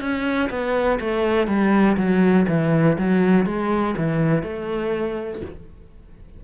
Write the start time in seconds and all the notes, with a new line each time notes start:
0.00 C#4
0.50 B3
1.00 A3
1.47 G3
1.97 F#3
2.48 E3
2.98 F#3
3.46 G#3
3.97 E3
4.43 A3